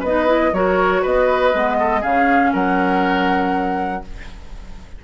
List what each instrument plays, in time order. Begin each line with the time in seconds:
0.00 bassoon B3, oboe B4, flute D#5
0.06 clarinet D#4
0.27 clarinet E4
0.53 bassoon F#3, clarinet F#4, oboe A#4, flute C#5
1.02 bassoon B3, oboe B4, flute D#5
1.54 bassoon G#3, clarinet B3
1.80 oboe A4
2.01 bassoon C#3, clarinet C#4, oboe G#4, flute F5
2.53 bassoon F#3, oboe A#4, flute F#5